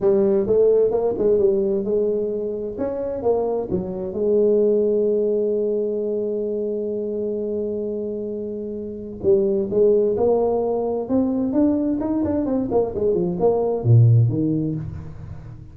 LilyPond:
\new Staff \with { instrumentName = "tuba" } { \time 4/4 \tempo 4 = 130 g4 a4 ais8 gis8 g4 | gis2 cis'4 ais4 | fis4 gis2.~ | gis1~ |
gis1 | g4 gis4 ais2 | c'4 d'4 dis'8 d'8 c'8 ais8 | gis8 f8 ais4 ais,4 dis4 | }